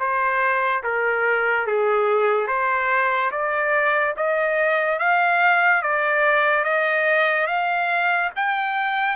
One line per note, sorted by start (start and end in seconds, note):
0.00 0.83 C5
0.84 1.67 A#4
1.67 2.48 G#4
2.48 3.31 C5
3.32 4.15 D5
4.17 5.00 D#5
5.00 5.83 F5
5.83 6.65 D5
6.65 7.47 D#5
7.47 8.31 F5
8.36 9.16 G5